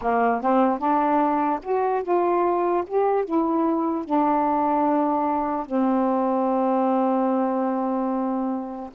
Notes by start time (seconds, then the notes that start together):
0.01 A#3
0.41 C4
0.78 D4
1.62 F#4
2.03 F4
2.86 G4
3.24 E4
4.05 D4
5.66 C4